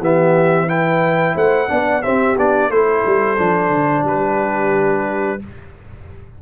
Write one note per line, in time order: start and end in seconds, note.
0.00 1.35 E3
0.00 0.68 B3
0.00 0.68 G4
0.00 0.69 E5
0.68 1.68 E4
0.68 1.35 B4
0.68 1.37 G5
1.35 1.69 A3
1.35 1.69 C5
1.35 2.03 F#5
1.68 2.05 B3
1.68 2.02 D4
1.68 2.04 D5
2.03 2.37 C4
2.03 2.71 G4
2.03 2.36 E5
2.37 2.70 B3
2.37 2.72 D4
2.37 2.71 D5
2.70 3.03 A3
2.70 3.38 E4
2.70 4.05 A4
2.70 4.06 C5
3.06 3.39 G3
3.38 3.70 F3
3.38 5.40 D4
3.70 4.04 D3
4.04 5.39 G3
4.04 5.40 G4
4.04 5.43 B4